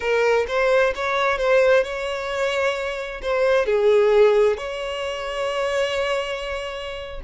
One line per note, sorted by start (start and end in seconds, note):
0.00 0.46 A#4
0.47 0.93 C5
0.95 1.38 C#5
1.38 1.83 C5
1.83 3.21 C#5
3.21 3.66 C5
3.66 4.57 G#4
4.57 7.20 C#5